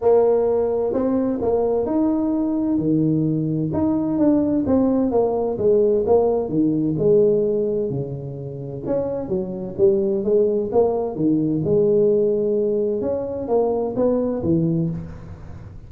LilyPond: \new Staff \with { instrumentName = "tuba" } { \time 4/4 \tempo 4 = 129 ais2 c'4 ais4 | dis'2 dis2 | dis'4 d'4 c'4 ais4 | gis4 ais4 dis4 gis4~ |
gis4 cis2 cis'4 | fis4 g4 gis4 ais4 | dis4 gis2. | cis'4 ais4 b4 e4 | }